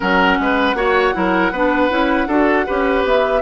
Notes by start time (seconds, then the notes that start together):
0.00 F#3 C#4 A#4 F#5
0.39 G#3 B4
0.74 A#3 F#4 C#5
1.13 F#3 E4 A#4
1.51 B3 D4 B4
1.89 C#4 E4
2.27 D4 F#4 A4
2.66 C#4 G4 B4
3.04 B3 E5